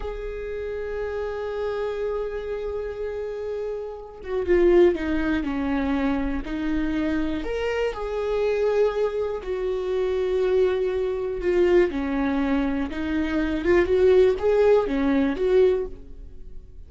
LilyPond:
\new Staff \with { instrumentName = "viola" } { \time 4/4 \tempo 4 = 121 gis'1~ | gis'1~ | gis'8 fis'8 f'4 dis'4 cis'4~ | cis'4 dis'2 ais'4 |
gis'2. fis'4~ | fis'2. f'4 | cis'2 dis'4. f'8 | fis'4 gis'4 cis'4 fis'4 | }